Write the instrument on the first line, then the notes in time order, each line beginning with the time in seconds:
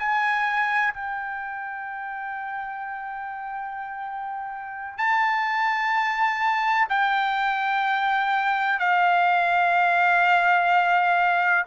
trumpet
0.00 G#5
0.94 G5
4.98 A5
6.90 G5
8.80 F5